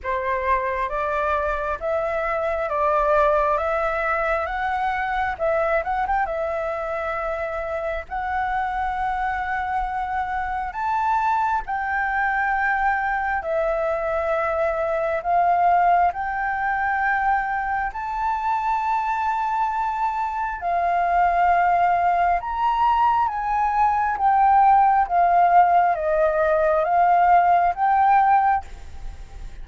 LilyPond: \new Staff \with { instrumentName = "flute" } { \time 4/4 \tempo 4 = 67 c''4 d''4 e''4 d''4 | e''4 fis''4 e''8 fis''16 g''16 e''4~ | e''4 fis''2. | a''4 g''2 e''4~ |
e''4 f''4 g''2 | a''2. f''4~ | f''4 ais''4 gis''4 g''4 | f''4 dis''4 f''4 g''4 | }